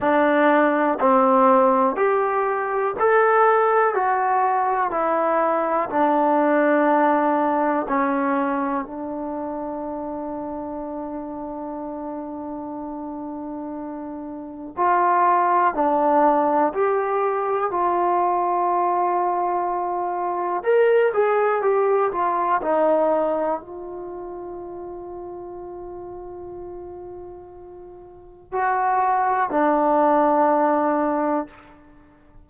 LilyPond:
\new Staff \with { instrumentName = "trombone" } { \time 4/4 \tempo 4 = 61 d'4 c'4 g'4 a'4 | fis'4 e'4 d'2 | cis'4 d'2.~ | d'2. f'4 |
d'4 g'4 f'2~ | f'4 ais'8 gis'8 g'8 f'8 dis'4 | f'1~ | f'4 fis'4 d'2 | }